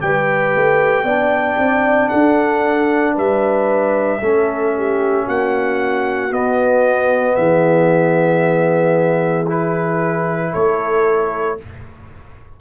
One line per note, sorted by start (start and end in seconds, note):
0.00 0.55 G3
0.00 1.05 G4
0.00 1.05 B4
0.00 2.09 G5
0.55 1.04 A3
1.04 1.56 B3
1.04 4.22 D4
1.04 2.10 D5
1.58 2.11 C4
2.09 3.17 D4
2.09 3.14 A4
2.09 3.14 F#5
3.14 4.22 G3
3.14 4.20 B4
3.14 5.29 E5
4.20 5.27 A3
4.20 6.30 C#4
4.20 4.73 A4
4.77 5.25 G4
5.25 6.31 A#3
5.25 7.36 F#4
5.25 6.33 F#5
6.30 9.46 B3
6.30 7.36 B3
6.30 7.36 D#5
7.36 10.54 E3
7.36 10.53 G#4
7.36 9.46 E5
9.47 11.58 E4
9.47 10.54 B4
10.53 11.61 A3
10.53 11.58 A4
10.53 11.59 C#5